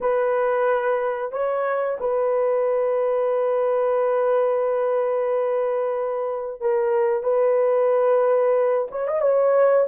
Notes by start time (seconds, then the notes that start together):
0.00 B4
1.32 C#5
1.99 B4
6.61 A#4
7.23 B4
8.91 C#5
9.07 D#5
9.21 C#5